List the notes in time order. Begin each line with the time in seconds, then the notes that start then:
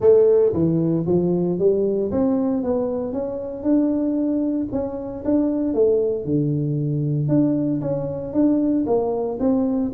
0.00 A3
0.53 E3
1.06 F3
1.58 G3
2.11 C4
2.63 B3
3.12 C#4
3.63 D4
4.71 C#4
5.24 D4
5.74 A3
6.25 D3
7.28 D4
7.81 C#4
8.33 D4
8.86 A#3
9.39 C4